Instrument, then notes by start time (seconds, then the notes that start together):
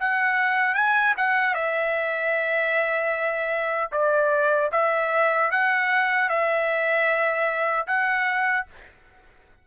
trumpet
0.00 F#5
0.75 G#5
1.17 F#5
1.54 E5
3.92 D5
4.72 E5
5.51 F#5
6.29 E5
7.87 F#5